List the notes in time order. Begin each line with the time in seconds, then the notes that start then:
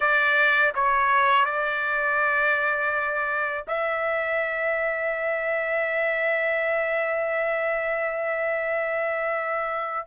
0.00 D5
0.75 C#5
1.45 D5
3.67 E5